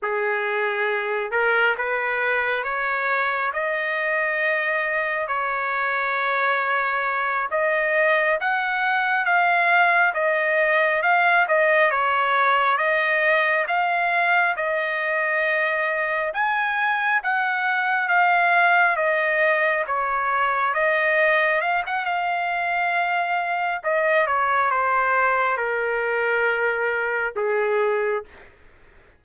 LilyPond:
\new Staff \with { instrumentName = "trumpet" } { \time 4/4 \tempo 4 = 68 gis'4. ais'8 b'4 cis''4 | dis''2 cis''2~ | cis''8 dis''4 fis''4 f''4 dis''8~ | dis''8 f''8 dis''8 cis''4 dis''4 f''8~ |
f''8 dis''2 gis''4 fis''8~ | fis''8 f''4 dis''4 cis''4 dis''8~ | dis''8 f''16 fis''16 f''2 dis''8 cis''8 | c''4 ais'2 gis'4 | }